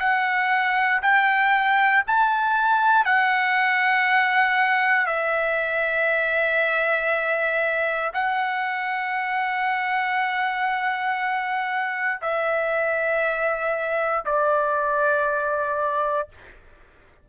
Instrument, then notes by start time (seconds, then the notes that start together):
trumpet
0.00 F#5
1.03 G5
2.08 A5
3.06 F#5
5.07 E5
8.14 F#5
12.22 E5
14.26 D5